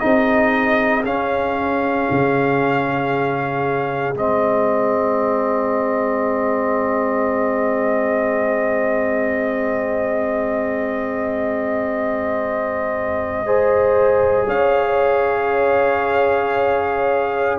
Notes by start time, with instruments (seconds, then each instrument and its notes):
0.00 tuba C4, trombone D#4, horn G#4, trumpet D#5
1.05 trombone C#4, tuba C#4, trumpet F5
2.11 tuba C#3
4.15 tuba G#3, trombone C4, trumpet D#5
13.45 trombone G#4, horn C5
14.47 tuba C#4, horn C#5, trumpet F5